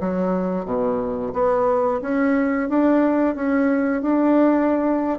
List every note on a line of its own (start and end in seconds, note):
0.00 0.66 F#3
0.66 1.33 B2
1.34 2.01 B3
2.02 2.69 C#4
2.69 3.36 D4
3.36 4.02 C#4
4.02 5.19 D4